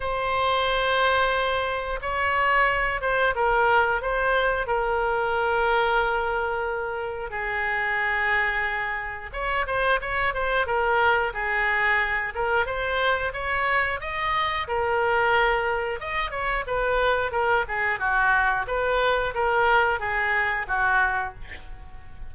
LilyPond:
\new Staff \with { instrumentName = "oboe" } { \time 4/4 \tempo 4 = 90 c''2. cis''4~ | cis''8 c''8 ais'4 c''4 ais'4~ | ais'2. gis'4~ | gis'2 cis''8 c''8 cis''8 c''8 |
ais'4 gis'4. ais'8 c''4 | cis''4 dis''4 ais'2 | dis''8 cis''8 b'4 ais'8 gis'8 fis'4 | b'4 ais'4 gis'4 fis'4 | }